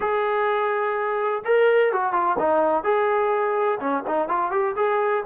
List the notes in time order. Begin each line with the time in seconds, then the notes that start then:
0.00 G#4
1.44 A#4
1.92 F#4
2.12 F4
2.39 D#4
2.83 G#4
3.79 C#4
4.07 D#4
4.28 F4
4.51 G4
4.76 G#4